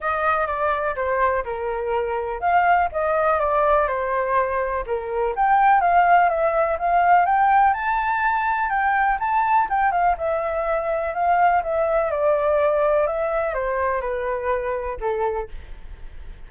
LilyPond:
\new Staff \with { instrumentName = "flute" } { \time 4/4 \tempo 4 = 124 dis''4 d''4 c''4 ais'4~ | ais'4 f''4 dis''4 d''4 | c''2 ais'4 g''4 | f''4 e''4 f''4 g''4 |
a''2 g''4 a''4 | g''8 f''8 e''2 f''4 | e''4 d''2 e''4 | c''4 b'2 a'4 | }